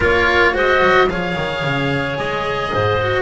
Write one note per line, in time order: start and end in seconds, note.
0.00 0.54 A#3
0.00 0.53 F4
0.00 0.52 A#4
0.00 0.56 C#5
0.53 0.81 G#3
0.53 1.07 F#4
0.53 1.07 C5
0.53 1.09 D#5
0.82 1.07 F#3
1.07 1.34 F3
1.07 2.99 G#4
1.07 2.72 C#5
1.07 2.17 F5
1.36 1.63 D#3
1.63 2.17 C#3
2.17 2.72 G#3
2.17 3.21 D#5
2.72 3.21 G#2
2.72 3.21 C5
3.00 3.21 F#4